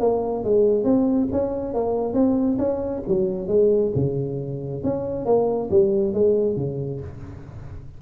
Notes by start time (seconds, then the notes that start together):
0.00 A#3
0.44 G#3
0.84 C4
1.32 C#4
1.74 A#3
2.14 C4
2.58 C#4
3.08 F#3
3.48 G#3
3.95 C#3
4.84 C#4
5.25 A#3
5.70 G3
6.13 G#3
6.56 C#3